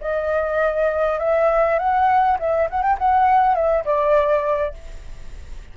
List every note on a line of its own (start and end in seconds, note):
0.00 1.19 D#5
1.19 1.78 E5
1.78 2.38 F#5
2.39 2.69 E5
2.70 2.82 F#5
2.82 2.97 G5
2.98 3.55 F#5
3.55 3.84 E5
3.85 4.74 D5